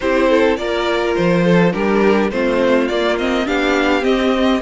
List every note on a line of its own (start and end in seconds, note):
0.00 0.57 C4
0.00 0.58 E4
0.00 0.29 G4
0.00 0.56 C5
0.29 0.58 A4
0.56 1.15 A#3
0.56 1.72 F4
0.56 1.44 A#4
0.56 1.14 D5
1.15 1.74 F3
1.15 1.72 C5
1.44 1.72 A4
1.72 2.31 G3
1.72 2.30 D4
1.72 2.31 G4
1.72 2.30 A#4
2.30 2.88 A3
2.30 2.89 C4
2.30 3.46 F4
2.30 2.88 C5
2.88 3.47 A#3
2.88 3.18 A#3
2.88 3.16 D5
3.18 3.45 C4
3.18 3.47 D#5
3.45 4.04 B3
3.45 4.01 D4
3.45 4.61 G4
3.45 4.04 F5
4.01 4.59 C4
4.01 4.61 C4
4.01 4.61 D#5